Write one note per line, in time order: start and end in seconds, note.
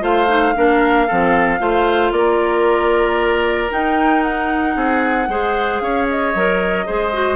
0.00 0.54 A3
0.00 0.26 F4
0.00 0.54 C5
0.00 2.12 F5
0.27 0.53 D#4
0.56 1.09 A#3
0.56 1.08 D4
0.56 1.07 A#4
1.07 1.60 F3
1.07 1.59 C4
1.07 1.59 A4
1.59 2.12 A3
1.59 3.69 F4
1.59 2.12 C5
2.12 3.70 A#3
2.12 4.75 A#4
2.12 3.70 D5
3.70 5.27 D#4
3.70 4.76 D#4
3.70 4.22 G5
4.22 5.80 F#5
4.76 5.28 C4
4.76 5.28 G#4
5.28 5.80 G#3
5.28 6.34 G#4
5.28 5.82 C5
5.80 6.33 C#4
5.80 6.86 C#5
5.80 6.06 F5
6.09 7.35 D#5
6.34 6.87 F#3
6.34 6.86 A#4
6.86 7.35 G#3
6.86 7.12 G#4
6.86 7.35 C5
7.12 7.35 F#4